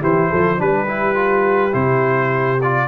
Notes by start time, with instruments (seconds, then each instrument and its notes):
0.00 tuba E3, trombone E4, horn G4, trumpet C5
0.29 tuba F3, horn A4
0.57 tuba G3, trombone D4, horn G4, trumpet B4
0.87 trombone E4
1.15 trombone F4
1.72 tuba C3, trombone E4, trumpet C5
2.61 trombone F4, trumpet D5